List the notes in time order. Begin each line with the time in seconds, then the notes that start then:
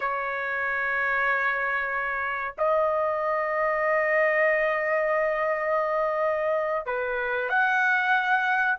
0.00 C#5
2.58 D#5
6.86 B4
7.49 F#5